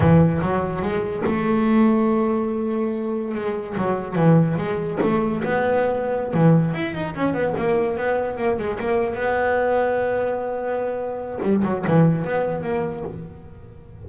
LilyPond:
\new Staff \with { instrumentName = "double bass" } { \time 4/4 \tempo 4 = 147 e4 fis4 gis4 a4~ | a1~ | a16 gis4 fis4 e4 gis8.~ | gis16 a4 b2~ b16 e8~ |
e8 e'8 dis'8 cis'8 b8 ais4 b8~ | b8 ais8 gis8 ais4 b4.~ | b1 | g8 fis8 e4 b4 ais4 | }